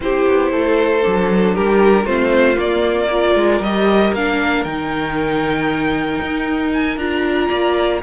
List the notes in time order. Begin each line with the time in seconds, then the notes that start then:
0.00 C4 E4 G4 C5
0.27 B3
0.51 A3 A4
1.02 F#3 D4
1.55 G3 G4 A#4
2.05 A3 C4 F4 C5
2.55 A#3 D5
3.10 F4 A#4
3.35 G#3
3.60 G3 G4 D#5
4.12 A#3 D4 F5
4.63 D#3 D#4 G5
6.21 D#4
6.73 G#5
6.96 D4 F4 A#5
7.47 A#3 D5